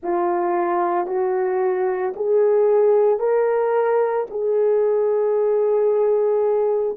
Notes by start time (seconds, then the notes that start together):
0.02 F4
1.06 F#4
2.16 G#4
3.19 A#4
4.30 G#4